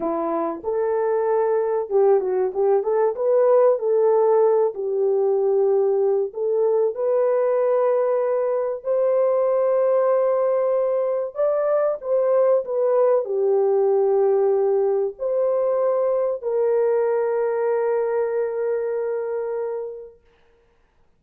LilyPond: \new Staff \with { instrumentName = "horn" } { \time 4/4 \tempo 4 = 95 e'4 a'2 g'8 fis'8 | g'8 a'8 b'4 a'4. g'8~ | g'2 a'4 b'4~ | b'2 c''2~ |
c''2 d''4 c''4 | b'4 g'2. | c''2 ais'2~ | ais'1 | }